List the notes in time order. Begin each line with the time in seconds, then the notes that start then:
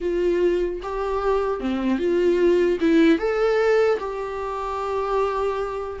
0.00 F4
0.82 G4
1.60 C4
1.98 F4
2.80 E4
3.18 A4
3.99 G4